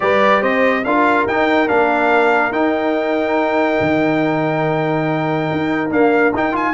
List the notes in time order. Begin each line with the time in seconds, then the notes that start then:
0.00 G3 G4 B4 D5
0.42 C4 C5 D#5
0.84 D4 F4 A#4 F5
1.27 D#4 G5
1.67 A#3 D4 F5
2.51 D#4 G5
3.80 D#3
5.52 D#4
5.90 A#3 D4 F5
6.33 D#4 G5
6.52 F4 G#5